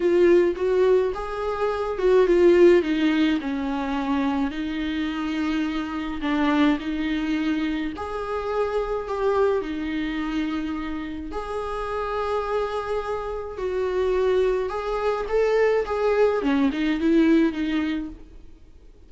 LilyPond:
\new Staff \with { instrumentName = "viola" } { \time 4/4 \tempo 4 = 106 f'4 fis'4 gis'4. fis'8 | f'4 dis'4 cis'2 | dis'2. d'4 | dis'2 gis'2 |
g'4 dis'2. | gis'1 | fis'2 gis'4 a'4 | gis'4 cis'8 dis'8 e'4 dis'4 | }